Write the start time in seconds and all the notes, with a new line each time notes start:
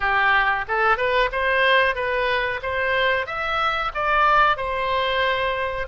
0.00 G4
0.68 A4
0.97 B4
1.32 C5
1.95 B4
2.62 C5
3.26 E5
3.94 D5
4.57 C5